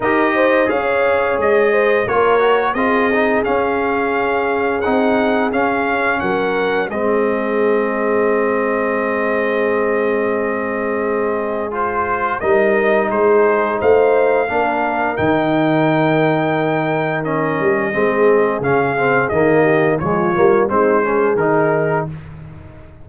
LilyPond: <<
  \new Staff \with { instrumentName = "trumpet" } { \time 4/4 \tempo 4 = 87 dis''4 f''4 dis''4 cis''4 | dis''4 f''2 fis''4 | f''4 fis''4 dis''2~ | dis''1~ |
dis''4 c''4 dis''4 c''4 | f''2 g''2~ | g''4 dis''2 f''4 | dis''4 cis''4 c''4 ais'4 | }
  \new Staff \with { instrumentName = "horn" } { \time 4/4 ais'8 c''8 cis''4. c''8 ais'4 | gis'1~ | gis'4 ais'4 gis'2~ | gis'1~ |
gis'2 ais'4 gis'4 | c''4 ais'2.~ | ais'2 gis'2~ | gis'8 g'8 f'4 dis'8 gis'4. | }
  \new Staff \with { instrumentName = "trombone" } { \time 4/4 g'4 gis'2 f'8 fis'8 | f'8 dis'8 cis'2 dis'4 | cis'2 c'2~ | c'1~ |
c'4 f'4 dis'2~ | dis'4 d'4 dis'2~ | dis'4 cis'4 c'4 cis'8 c'8 | ais4 gis8 ais8 c'8 cis'8 dis'4 | }
  \new Staff \with { instrumentName = "tuba" } { \time 4/4 dis'4 cis'4 gis4 ais4 | c'4 cis'2 c'4 | cis'4 fis4 gis2~ | gis1~ |
gis2 g4 gis4 | a4 ais4 dis2~ | dis4. g8 gis4 cis4 | dis4 f8 g8 gis4 dis4 | }
>>